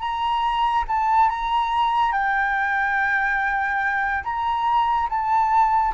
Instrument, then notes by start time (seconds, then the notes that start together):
flute
0.00 A#5
0.88 A5
1.30 A#5
2.12 G5
4.24 A#5
5.09 A5